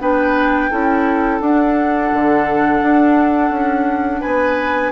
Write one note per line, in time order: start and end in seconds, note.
0.00 0.71 B3
0.00 0.71 D4
0.00 0.71 B4
0.00 1.41 G5
0.71 1.41 C#4
0.71 1.41 E4
0.71 4.20 A4
1.41 2.11 D4
1.41 4.92 D4
1.41 4.21 F#5
2.13 2.82 D3
2.82 3.50 D4
3.50 4.21 C#4
4.20 4.92 B3
4.20 4.91 B4
4.20 4.92 G#5